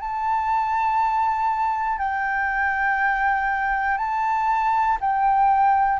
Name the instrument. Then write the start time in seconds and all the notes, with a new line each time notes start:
flute
0.00 A5
1.98 G5
3.97 A5
5.00 G5